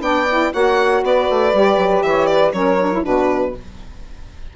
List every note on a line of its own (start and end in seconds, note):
0.00 0.50 B3
0.00 0.27 D4
0.00 0.52 D5
0.00 0.53 G5
0.30 0.54 E4
0.52 1.03 A#3
0.52 1.54 F#4
0.52 1.03 C#5
0.52 1.04 F#5
1.03 1.29 B3
1.03 2.06 B4
1.03 2.03 D5
1.30 1.53 A3
1.53 1.77 G3
1.53 2.53 G4
1.77 2.03 F#3
2.03 2.53 E3
2.03 2.31 C#5
2.03 2.26 E5
2.26 2.55 B4
2.26 2.52 D5
2.53 3.03 F#3
2.53 2.78 C#4
2.53 3.02 A#4
2.53 3.04 C#5
2.80 2.92 D4
2.92 3.04 E4
3.02 3.57 B2
3.02 3.54 D4
3.02 3.53 F#4
3.02 3.56 B4